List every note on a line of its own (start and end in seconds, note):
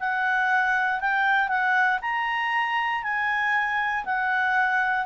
0.00 1.01 F#5
1.01 1.49 G5
1.49 1.99 F#5
2.02 3.03 A#5
3.03 4.05 G#5
4.05 5.07 F#5